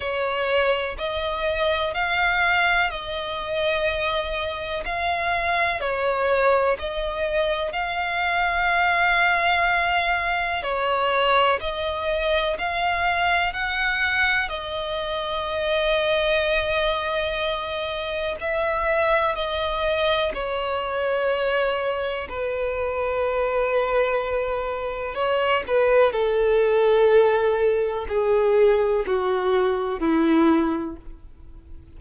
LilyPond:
\new Staff \with { instrumentName = "violin" } { \time 4/4 \tempo 4 = 62 cis''4 dis''4 f''4 dis''4~ | dis''4 f''4 cis''4 dis''4 | f''2. cis''4 | dis''4 f''4 fis''4 dis''4~ |
dis''2. e''4 | dis''4 cis''2 b'4~ | b'2 cis''8 b'8 a'4~ | a'4 gis'4 fis'4 e'4 | }